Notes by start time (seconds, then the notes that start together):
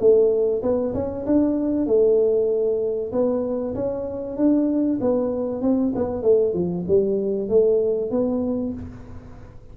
0.00 A3
0.62 B3
0.94 C#4
1.26 D4
1.87 A3
3.12 B3
3.75 C#4
4.37 D4
5.01 B3
5.62 C4
5.95 B3
6.23 A3
6.54 F3
6.88 G3
7.49 A3
8.11 B3